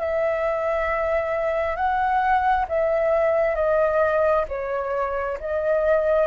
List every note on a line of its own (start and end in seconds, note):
0.00 1.76 E5
1.76 2.66 F#5
2.69 3.56 E5
3.56 4.45 D#5
4.49 5.39 C#5
5.41 6.28 D#5